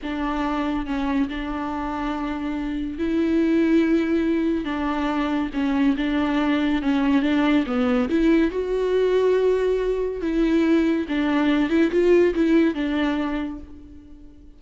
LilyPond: \new Staff \with { instrumentName = "viola" } { \time 4/4 \tempo 4 = 141 d'2 cis'4 d'4~ | d'2. e'4~ | e'2. d'4~ | d'4 cis'4 d'2 |
cis'4 d'4 b4 e'4 | fis'1 | e'2 d'4. e'8 | f'4 e'4 d'2 | }